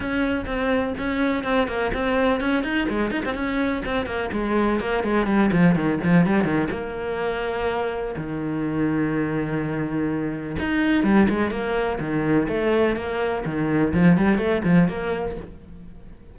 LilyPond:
\new Staff \with { instrumentName = "cello" } { \time 4/4 \tempo 4 = 125 cis'4 c'4 cis'4 c'8 ais8 | c'4 cis'8 dis'8 gis8 dis'16 c'16 cis'4 | c'8 ais8 gis4 ais8 gis8 g8 f8 | dis8 f8 g8 dis8 ais2~ |
ais4 dis2.~ | dis2 dis'4 g8 gis8 | ais4 dis4 a4 ais4 | dis4 f8 g8 a8 f8 ais4 | }